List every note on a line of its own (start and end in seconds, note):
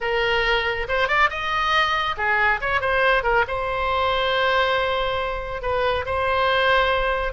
0.00 0.87 A#4
0.88 1.08 C5
1.08 1.29 D5
1.29 2.16 D#5
2.17 2.60 G#4
2.60 2.81 C#5
2.81 3.23 C5
3.23 3.44 A#4
3.47 5.62 C5
5.62 6.05 B4
6.05 7.32 C5